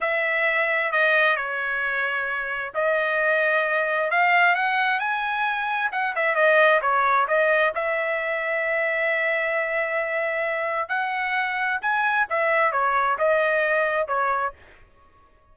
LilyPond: \new Staff \with { instrumentName = "trumpet" } { \time 4/4 \tempo 4 = 132 e''2 dis''4 cis''4~ | cis''2 dis''2~ | dis''4 f''4 fis''4 gis''4~ | gis''4 fis''8 e''8 dis''4 cis''4 |
dis''4 e''2.~ | e''1 | fis''2 gis''4 e''4 | cis''4 dis''2 cis''4 | }